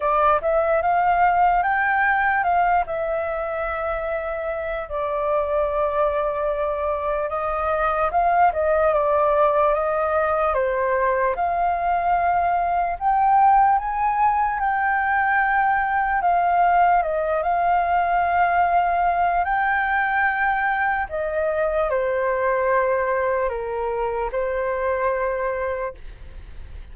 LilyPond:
\new Staff \with { instrumentName = "flute" } { \time 4/4 \tempo 4 = 74 d''8 e''8 f''4 g''4 f''8 e''8~ | e''2 d''2~ | d''4 dis''4 f''8 dis''8 d''4 | dis''4 c''4 f''2 |
g''4 gis''4 g''2 | f''4 dis''8 f''2~ f''8 | g''2 dis''4 c''4~ | c''4 ais'4 c''2 | }